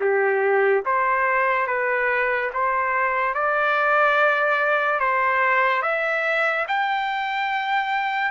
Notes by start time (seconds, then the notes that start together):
0.00 G4
0.85 C5
1.67 B4
2.53 C5
3.34 D5
5.00 C5
5.82 E5
6.67 G5